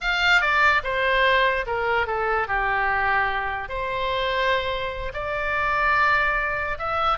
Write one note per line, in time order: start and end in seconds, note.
0.00 0.41 F5
0.41 0.82 D5
0.83 1.65 C5
1.66 2.07 A#4
2.07 2.47 A4
2.47 3.68 G4
3.68 5.12 C5
5.13 6.78 D5
6.78 7.18 E5